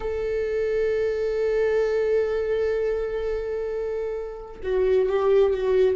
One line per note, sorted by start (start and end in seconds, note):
0.00 4.61 A4
4.63 5.09 F#4
5.09 5.53 G4
5.53 5.95 F#4